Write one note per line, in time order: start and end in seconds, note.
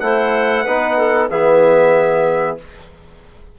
0.00 0.65 A3
0.00 0.66 E4
0.00 0.64 C5
0.00 1.28 F#5
0.64 1.31 B3
0.64 1.30 D#4
0.64 0.96 B4
0.98 1.30 A4
1.30 2.59 E3
1.30 2.58 B3
1.30 2.58 G#4
1.30 2.58 E5